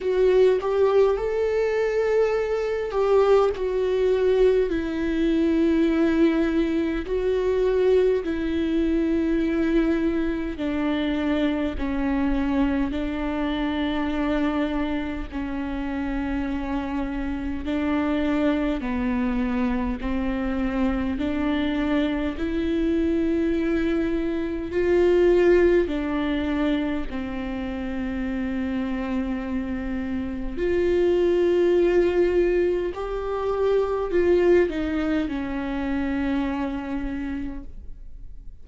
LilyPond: \new Staff \with { instrumentName = "viola" } { \time 4/4 \tempo 4 = 51 fis'8 g'8 a'4. g'8 fis'4 | e'2 fis'4 e'4~ | e'4 d'4 cis'4 d'4~ | d'4 cis'2 d'4 |
b4 c'4 d'4 e'4~ | e'4 f'4 d'4 c'4~ | c'2 f'2 | g'4 f'8 dis'8 cis'2 | }